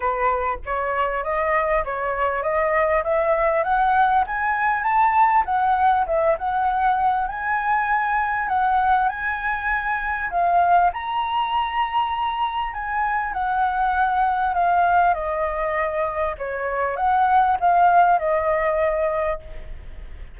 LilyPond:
\new Staff \with { instrumentName = "flute" } { \time 4/4 \tempo 4 = 99 b'4 cis''4 dis''4 cis''4 | dis''4 e''4 fis''4 gis''4 | a''4 fis''4 e''8 fis''4. | gis''2 fis''4 gis''4~ |
gis''4 f''4 ais''2~ | ais''4 gis''4 fis''2 | f''4 dis''2 cis''4 | fis''4 f''4 dis''2 | }